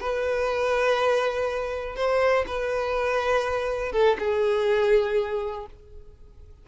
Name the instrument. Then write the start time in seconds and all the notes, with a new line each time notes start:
violin
0.00 B4
1.96 C5
2.47 B4
3.92 A4
4.19 G#4